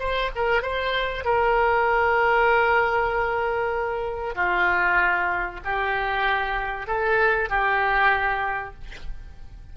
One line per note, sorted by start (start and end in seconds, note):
0.00 0.31 C5
0.36 0.63 A#4
0.63 1.25 C5
1.25 4.36 A#4
4.36 5.61 F4
5.65 6.88 G4
6.88 7.50 A4
7.50 8.75 G4